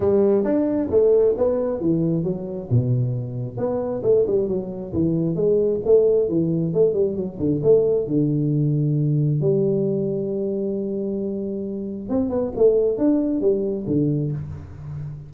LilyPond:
\new Staff \with { instrumentName = "tuba" } { \time 4/4 \tempo 4 = 134 g4 d'4 a4 b4 | e4 fis4 b,2 | b4 a8 g8 fis4 e4 | gis4 a4 e4 a8 g8 |
fis8 d8 a4 d2~ | d4 g2.~ | g2. c'8 b8 | a4 d'4 g4 d4 | }